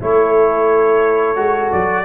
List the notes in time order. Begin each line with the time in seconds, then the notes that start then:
0.00 A3 E4 A4 C#5
1.36 G#3 F#4
1.72 F#3 D5